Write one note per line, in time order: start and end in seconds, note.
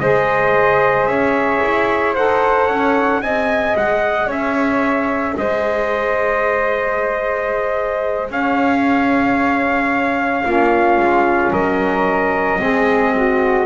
0.00 1.07 G#3
0.00 2.16 G#4
0.00 1.09 C5
0.00 1.06 D#5
1.06 1.60 C#4
1.06 2.15 C#5
1.06 2.13 E5
1.62 2.16 E4
2.15 2.69 D#4
2.15 3.23 A4
2.15 2.66 C5
2.15 3.22 F#5
2.66 3.21 C#4
2.66 3.20 C#5
3.21 3.75 C4
3.21 10.45 G#4
3.21 4.27 D#5
3.21 3.75 G#5
3.76 4.27 G#3
3.76 4.30 F#5
4.27 5.34 C#4
4.27 5.34 C#5
4.27 5.37 E5
5.37 8.30 G#3
5.37 8.31 C5
5.37 8.31 D#5
8.30 10.44 C#4
8.30 10.45 C#5
8.30 11.53 F5
10.45 10.98 A#3
10.45 12.58 C#4
10.45 11.51 F4
10.98 11.51 G#3
11.51 12.60 F#3
11.51 12.58 A#4
11.51 13.66 D#5
12.58 13.66 G#3
12.58 13.65 C4
12.58 13.14 G#4
13.15 13.66 F#4